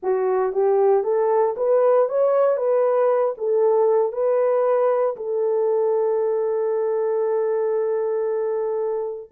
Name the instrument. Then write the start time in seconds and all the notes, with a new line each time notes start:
horn
0.02 F#4
0.52 G4
1.03 A4
1.57 B4
2.08 C#5
2.57 B4
3.37 A4
4.12 B4
5.16 A4